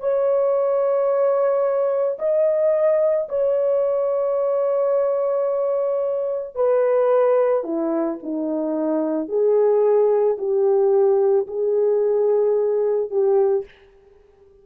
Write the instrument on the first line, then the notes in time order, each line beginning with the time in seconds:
horn
0.00 C#5
2.19 D#5
3.29 C#5
6.56 B4
7.64 E4
8.23 D#4
9.29 G#4
10.38 G4
11.47 G#4
13.11 G4